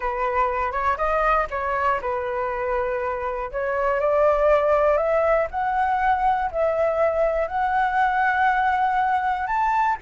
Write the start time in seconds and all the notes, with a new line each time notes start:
0.00 B4
0.72 C#5
0.97 D#5
1.50 C#5
2.01 B4
3.51 C#5
4.00 D5
4.97 E5
5.50 F#5
6.51 E5
7.47 F#5
9.46 A5